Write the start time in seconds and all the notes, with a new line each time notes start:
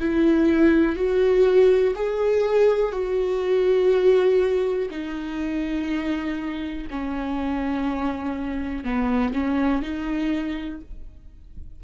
0.00 E4
0.96 F#4
1.95 G#4
2.92 F#4
4.91 D#4
6.90 C#4
8.84 B3
9.34 C#4
9.82 D#4